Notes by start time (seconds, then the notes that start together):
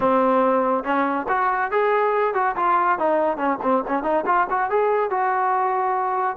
0.00 C4
0.84 C#4
1.28 F#4
1.71 G#4
2.34 F#4
2.56 F4
2.98 D#4
3.37 C#4
3.62 C4
3.87 C#4
4.03 D#4
4.26 F4
4.50 F#4
4.70 G#4
5.10 F#4